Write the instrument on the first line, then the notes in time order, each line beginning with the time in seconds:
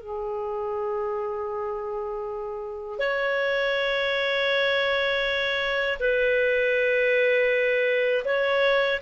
clarinet
0.00 G#4
2.99 C#5
5.99 B4
8.25 C#5